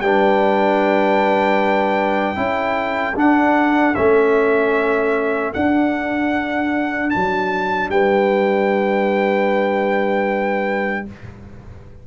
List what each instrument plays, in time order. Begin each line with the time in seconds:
0.00 tuba G3, trombone D4, horn B4, trumpet G5
2.35 tuba C#4, trombone E4, horn A4
3.15 trombone D4, tuba D4, trumpet F#5
3.95 tuba A3, trombone C#4, trumpet E5
5.53 trombone D4, tuba D4, trumpet F#5
7.10 tuba F#3, trumpet A5
7.89 tuba G3, horn B4, trumpet G5